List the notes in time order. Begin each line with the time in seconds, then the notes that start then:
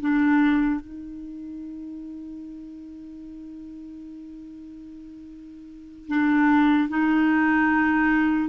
0.00 D4
0.81 D#4
6.08 D4
6.89 D#4